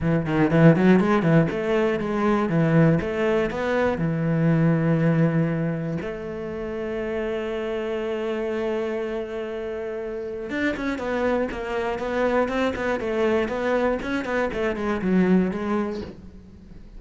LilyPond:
\new Staff \with { instrumentName = "cello" } { \time 4/4 \tempo 4 = 120 e8 dis8 e8 fis8 gis8 e8 a4 | gis4 e4 a4 b4 | e1 | a1~ |
a1~ | a4 d'8 cis'8 b4 ais4 | b4 c'8 b8 a4 b4 | cis'8 b8 a8 gis8 fis4 gis4 | }